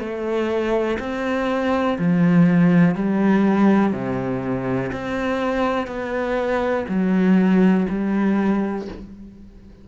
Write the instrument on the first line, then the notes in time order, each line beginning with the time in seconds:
cello
0.00 A3
1.00 C4
1.99 F3
2.95 G3
3.93 C3
4.93 C4
5.87 B3
6.89 F#3
7.90 G3